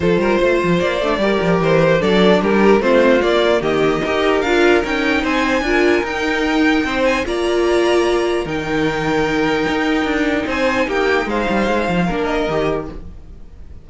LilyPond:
<<
  \new Staff \with { instrumentName = "violin" } { \time 4/4 \tempo 4 = 149 c''2 d''2 | c''4 d''4 ais'4 c''4 | d''4 dis''2 f''4 | g''4 gis''2 g''4~ |
g''4. gis''8 ais''2~ | ais''4 g''2.~ | g''2 gis''4 g''4 | f''2~ f''8 dis''4. | }
  \new Staff \with { instrumentName = "violin" } { \time 4/4 a'8 ais'8 c''2 ais'4~ | ais'4 a'4 g'4 f'4~ | f'4 g'4 ais'2~ | ais'4 c''4 ais'2~ |
ais'4 c''4 d''2~ | d''4 ais'2.~ | ais'2 c''4 g'4 | c''2 ais'2 | }
  \new Staff \with { instrumentName = "viola" } { \time 4/4 f'2~ f'8 d'8 g'4~ | g'4 d'2 c'4 | ais2 g'4 f'4 | dis'2 f'4 dis'4~ |
dis'2 f'2~ | f'4 dis'2.~ | dis'1~ | dis'2 d'4 g'4 | }
  \new Staff \with { instrumentName = "cello" } { \time 4/4 f8 g8 a8 f8 ais8 a8 g8 f8 | e4 fis4 g4 a4 | ais4 dis4 dis'4 d'4 | cis'4 c'4 d'4 dis'4~ |
dis'4 c'4 ais2~ | ais4 dis2. | dis'4 d'4 c'4 ais4 | gis8 g8 gis8 f8 ais4 dis4 | }
>>